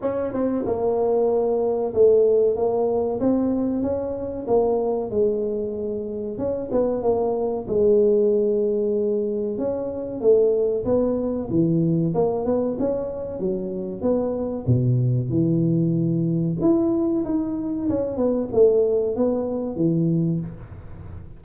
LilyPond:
\new Staff \with { instrumentName = "tuba" } { \time 4/4 \tempo 4 = 94 cis'8 c'8 ais2 a4 | ais4 c'4 cis'4 ais4 | gis2 cis'8 b8 ais4 | gis2. cis'4 |
a4 b4 e4 ais8 b8 | cis'4 fis4 b4 b,4 | e2 e'4 dis'4 | cis'8 b8 a4 b4 e4 | }